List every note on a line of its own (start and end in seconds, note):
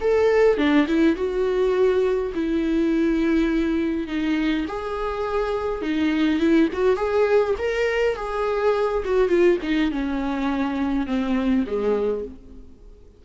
0.00 0.57 A4
0.57 0.86 D4
0.87 1.15 E4
1.15 2.32 F#4
2.34 4.07 E4
4.07 4.65 D#4
4.67 5.81 G#4
5.81 6.39 D#4
6.39 6.68 E4
6.73 6.96 F#4
6.96 7.54 G#4
7.58 8.16 A#4
8.16 9.03 G#4
9.04 9.28 F#4
9.28 9.57 F4
9.62 9.91 D#4
9.91 11.06 C#4
11.06 11.65 C4
11.66 12.24 G#3